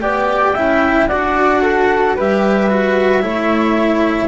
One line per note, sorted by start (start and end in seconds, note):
0.00 0.55 B3
0.00 0.54 G4
0.00 0.54 D5
0.00 1.07 G5
0.54 1.09 C#4
0.54 1.09 E4
0.54 1.07 E5
1.07 2.18 D4
1.07 2.17 F#4
1.07 1.61 D5
1.07 2.15 F#5
1.62 2.15 A4
2.15 3.22 G3
2.15 2.69 G4
2.15 3.23 B4
2.15 4.28 E5
2.69 3.21 F#4
3.21 4.28 A3
3.21 4.28 E4
3.21 4.28 C#5